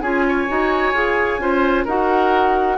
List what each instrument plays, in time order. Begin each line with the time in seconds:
0.00 bassoon C#4, clarinet F4, oboe G#4, flute G#5
0.28 oboe C#5
0.48 bassoon D#4, clarinet F#4
0.93 bassoon F4, clarinet G#4
1.39 bassoon C#4, clarinet F4, oboe C5
1.84 bassoon D#4, clarinet F#4, oboe A#4, flute F#5